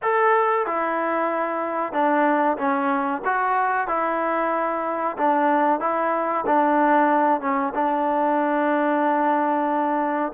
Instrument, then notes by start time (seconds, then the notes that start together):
trombone
0.02 A4
0.66 E4
1.92 D4
2.57 C#4
3.24 F#4
3.87 E4
5.17 D4
5.80 E4
6.46 D4
7.40 C#4
7.74 D4